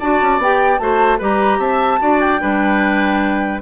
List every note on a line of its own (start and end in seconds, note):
0.00 0.22 D4
0.00 0.42 F#4
0.00 0.81 D5
0.00 0.41 A5
0.22 0.38 C#4
0.38 0.79 B3
0.38 0.79 G4
0.38 0.79 G5
0.79 1.20 A3
0.79 1.19 F#4
0.79 1.19 C5
0.79 1.19 A5
1.19 1.59 G3
1.19 2.00 G4
1.19 1.59 B4
1.19 1.60 A#5
1.59 1.99 C4
1.59 1.99 E5
1.59 2.20 A5
2.00 2.42 D4
2.00 2.39 F#4
2.00 2.41 D5
2.20 3.61 G5
2.39 3.62 G3
2.39 3.60 D4
2.39 3.62 B4